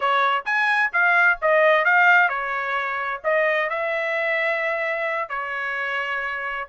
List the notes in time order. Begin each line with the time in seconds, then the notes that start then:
0.00 C#5
0.45 G#5
0.92 F5
1.41 D#5
1.84 F5
2.28 C#5
3.23 D#5
3.69 E5
5.29 C#5